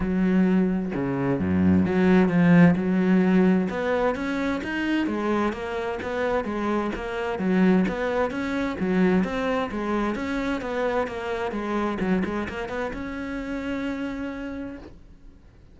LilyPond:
\new Staff \with { instrumentName = "cello" } { \time 4/4 \tempo 4 = 130 fis2 cis4 fis,4 | fis4 f4 fis2 | b4 cis'4 dis'4 gis4 | ais4 b4 gis4 ais4 |
fis4 b4 cis'4 fis4 | c'4 gis4 cis'4 b4 | ais4 gis4 fis8 gis8 ais8 b8 | cis'1 | }